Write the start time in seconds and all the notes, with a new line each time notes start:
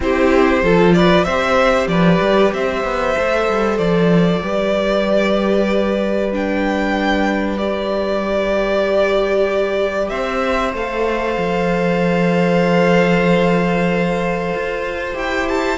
0.00 C4 E4 G4 C5
0.62 F3 F4 A4
0.93 B4 D5
1.24 C4 C5 E5
1.30 G4
1.87 F3 B4 D5
2.20 G3
2.52 C4 C5 E5
2.83 B3
3.16 A3 A4
3.48 G3
3.78 F3 D5
4.41 G3 G4 B4
6.32 D4 G5
7.57 G4 D5
10.08 C4 C5 E5
10.73 A3 A4 F5
11.37 F3
14.54 F4
15.13 E4 G4 G5
15.48 A5